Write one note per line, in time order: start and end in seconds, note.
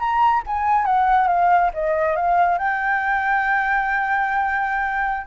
0.00 0.43 A#5
0.47 0.86 G#5
0.86 1.28 F#5
1.28 1.71 F5
1.74 2.17 D#5
2.17 2.58 F5
2.58 5.27 G5